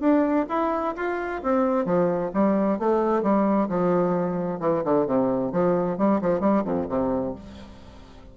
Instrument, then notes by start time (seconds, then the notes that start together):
bassoon
0.00 D4
0.49 E4
0.96 F4
1.43 C4
1.85 F3
2.34 G3
2.79 A3
3.23 G3
3.69 F3
4.60 E3
4.84 D3
5.07 C3
5.52 F3
5.98 G3
6.21 F3
6.40 G3
6.65 F2
6.89 C3